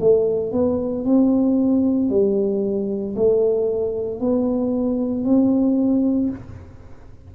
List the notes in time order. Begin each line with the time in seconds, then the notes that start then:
0.00 A3
0.52 B3
1.05 C4
2.10 G3
3.16 A3
4.20 B3
5.24 C4